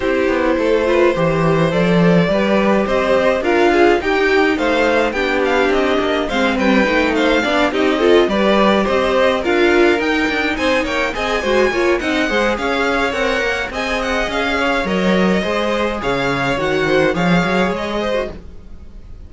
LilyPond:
<<
  \new Staff \with { instrumentName = "violin" } { \time 4/4 \tempo 4 = 105 c''2. d''4~ | d''4 dis''4 f''4 g''4 | f''4 g''8 f''8 dis''4 f''8 g''8~ | g''8 f''4 dis''4 d''4 dis''8~ |
dis''8 f''4 g''4 gis''8 g''8 gis''8~ | gis''4 fis''4 f''4 fis''4 | gis''8 fis''8 f''4 dis''2 | f''4 fis''4 f''4 dis''4 | }
  \new Staff \with { instrumentName = "violin" } { \time 4/4 g'4 a'8 b'8 c''2 | b'4 c''4 ais'8 gis'8 g'4 | c''4 g'2 c''8 b'8~ | b'8 c''8 d''8 g'8 a'8 b'4 c''8~ |
c''8 ais'2 c''8 cis''8 dis''8 | c''8 cis''8 dis''8 c''8 cis''2 | dis''4. cis''4. c''4 | cis''4. c''8 cis''4. c''8 | }
  \new Staff \with { instrumentName = "viola" } { \time 4/4 e'4. f'8 g'4 a'4 | g'2 f'4 dis'4~ | dis'4 d'2 c'4 | dis'4 d'8 dis'8 f'8 g'4.~ |
g'8 f'4 dis'2 gis'8 | fis'8 f'8 dis'8 gis'4. ais'4 | gis'2 ais'4 gis'4~ | gis'4 fis'4 gis'4.~ gis'16 fis'16 | }
  \new Staff \with { instrumentName = "cello" } { \time 4/4 c'8 b8 a4 e4 f4 | g4 c'4 d'4 dis'4 | a4 b4 c'8 ais8 gis8 g8 | a4 b8 c'4 g4 c'8~ |
c'8 d'4 dis'8 d'8 c'8 ais8 c'8 | gis8 ais8 c'8 gis8 cis'4 c'8 ais8 | c'4 cis'4 fis4 gis4 | cis4 dis4 f8 fis8 gis4 | }
>>